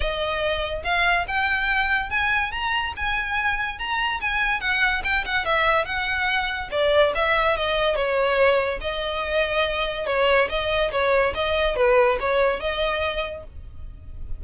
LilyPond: \new Staff \with { instrumentName = "violin" } { \time 4/4 \tempo 4 = 143 dis''2 f''4 g''4~ | g''4 gis''4 ais''4 gis''4~ | gis''4 ais''4 gis''4 fis''4 | g''8 fis''8 e''4 fis''2 |
d''4 e''4 dis''4 cis''4~ | cis''4 dis''2. | cis''4 dis''4 cis''4 dis''4 | b'4 cis''4 dis''2 | }